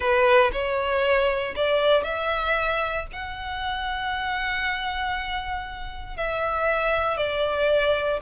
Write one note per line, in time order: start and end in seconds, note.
0.00 0.51 B4
0.52 1.55 C#5
1.55 2.03 D5
2.03 3.06 E5
3.12 6.17 F#5
6.17 7.17 E5
7.17 8.19 D5